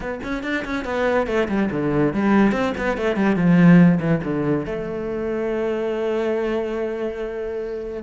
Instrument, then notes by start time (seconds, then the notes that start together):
cello
0.00 B3
0.23 C#4
0.43 D4
0.65 C#4
0.84 B3
1.27 A3
1.48 G3
1.71 D3
2.13 G3
2.52 C4
2.77 B3
2.97 A3
3.15 G3
3.36 F3
4.00 E3
4.23 D3
4.65 A3